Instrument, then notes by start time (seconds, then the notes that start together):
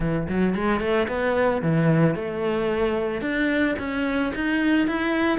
cello
0.00 E3
0.28 F#3
0.54 G#3
0.80 A3
1.07 B3
1.61 E3
2.15 A3
3.21 D4
3.78 C#4
4.34 D#4
4.87 E4